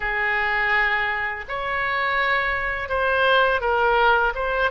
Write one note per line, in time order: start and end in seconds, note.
0.00 1.45 G#4
1.48 2.88 C#5
2.88 3.60 C5
3.60 4.33 A#4
4.34 4.71 C5